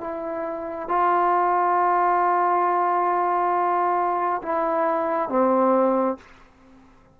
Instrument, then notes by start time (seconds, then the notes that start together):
trombone
0.00 E4
0.88 F4
4.42 E4
5.29 C4